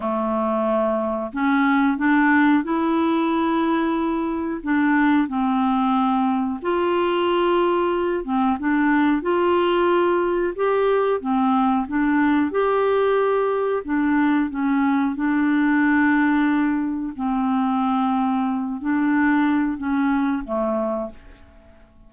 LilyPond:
\new Staff \with { instrumentName = "clarinet" } { \time 4/4 \tempo 4 = 91 a2 cis'4 d'4 | e'2. d'4 | c'2 f'2~ | f'8 c'8 d'4 f'2 |
g'4 c'4 d'4 g'4~ | g'4 d'4 cis'4 d'4~ | d'2 c'2~ | c'8 d'4. cis'4 a4 | }